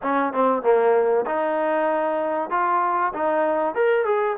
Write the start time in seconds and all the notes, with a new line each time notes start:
0.02 C#4
0.33 C4
0.62 A#3
1.26 D#4
2.50 F4
3.13 D#4
3.74 A#4
4.05 G#4